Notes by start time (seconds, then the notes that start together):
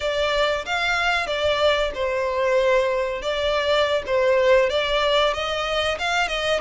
0.00 D5
0.65 F5
1.26 D5
1.94 C5
3.22 D5
4.06 C5
4.69 D5
5.33 D#5
5.98 F5
6.28 D#5